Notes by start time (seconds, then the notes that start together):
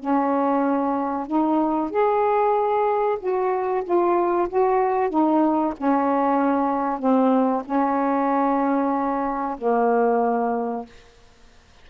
0.00 C#4
1.27 D#4
1.91 G#4
3.20 F#4
3.84 F4
4.49 F#4
5.10 D#4
5.78 C#4
7.00 C4
7.66 C#4
9.58 A#3